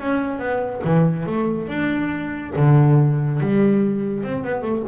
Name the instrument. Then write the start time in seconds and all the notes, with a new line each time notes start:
double bass
0.00 C#4
0.39 B3
0.84 E3
1.26 A3
1.68 D4
2.56 D3
3.40 G3
4.23 C4
4.44 B3
4.62 A3